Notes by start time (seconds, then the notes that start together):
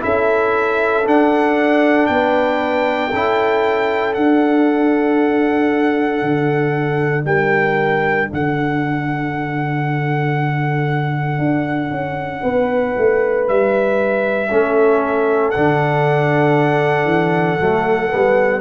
0.00 C#4 E4 A4 E5
1.04 D4 F#5
2.06 B3 B4 G5
3.11 C#4 E4 A4
4.13 D4 F#5
6.22 D3
7.25 G3 A#4 G5
8.30 D3 A4 F#5
11.38 D4
11.91 C#4
12.42 B3 B4
12.97 A3
13.48 G3 E5
14.50 A3 C#4 A4
15.51 D3 D4 F#5
17.05 E3
17.60 F#3 A3
18.09 G3 B3